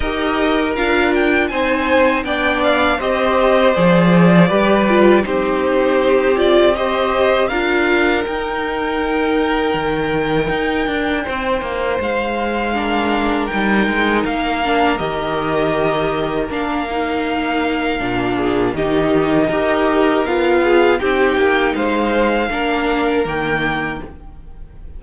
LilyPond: <<
  \new Staff \with { instrumentName = "violin" } { \time 4/4 \tempo 4 = 80 dis''4 f''8 g''8 gis''4 g''8 f''8 | dis''4 d''2 c''4~ | c''8 d''8 dis''4 f''4 g''4~ | g''1 |
f''2 g''4 f''4 | dis''2 f''2~ | f''4 dis''2 f''4 | g''4 f''2 g''4 | }
  \new Staff \with { instrumentName = "violin" } { \time 4/4 ais'2 c''4 d''4 | c''2 b'4 g'4~ | g'4 c''4 ais'2~ | ais'2. c''4~ |
c''4 ais'2.~ | ais'1~ | ais'8 gis'8 g'4 ais'4. gis'8 | g'4 c''4 ais'2 | }
  \new Staff \with { instrumentName = "viola" } { \time 4/4 g'4 f'4 dis'4 d'4 | g'4 gis'4 g'8 f'8 dis'4~ | dis'8 f'8 g'4 f'4 dis'4~ | dis'1~ |
dis'4 d'4 dis'4. d'8 | g'2 d'8 dis'4. | d'4 dis'4 g'4 f'4 | dis'2 d'4 ais4 | }
  \new Staff \with { instrumentName = "cello" } { \time 4/4 dis'4 d'4 c'4 b4 | c'4 f4 g4 c'4~ | c'2 d'4 dis'4~ | dis'4 dis4 dis'8 d'8 c'8 ais8 |
gis2 g8 gis8 ais4 | dis2 ais2 | ais,4 dis4 dis'4 b4 | c'8 ais8 gis4 ais4 dis4 | }
>>